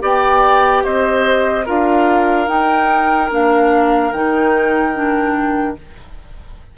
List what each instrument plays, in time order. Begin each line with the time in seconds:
0.00 bassoon B3, clarinet G4, oboe D5, flute G5
0.84 bassoon C4, oboe C5, flute D#5
1.66 bassoon D4, clarinet F4, oboe A#4, flute F5
2.47 clarinet D#4, bassoon D#4, flute G5
3.30 bassoon A#3, clarinet D4, flute F5
4.12 bassoon D#3, clarinet D#4, flute G5
4.94 clarinet D4